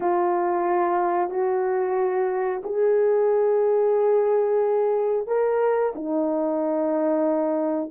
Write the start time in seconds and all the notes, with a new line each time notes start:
0.00 F4
1.29 F#4
2.63 G#4
5.27 A#4
5.95 D#4